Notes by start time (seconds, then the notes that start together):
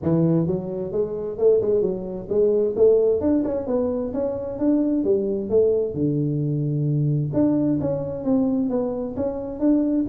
0.02 E3
0.46 F#3
0.92 G#3
1.38 A3
1.61 G#3
1.81 F#3
2.29 G#3
2.76 A3
3.20 D4
3.44 C#4
3.66 B3
4.13 C#4
4.59 D4
5.04 G3
5.49 A3
5.93 D3
7.33 D4
7.80 C#4
8.24 C4
8.69 B3
9.16 C#4
9.59 D4